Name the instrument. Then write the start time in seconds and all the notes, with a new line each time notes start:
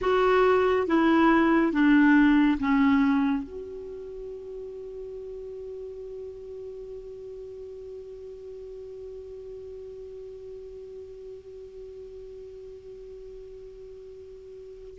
clarinet
0.01 F#4
0.86 E4
1.72 D4
2.59 C#4
3.43 F#4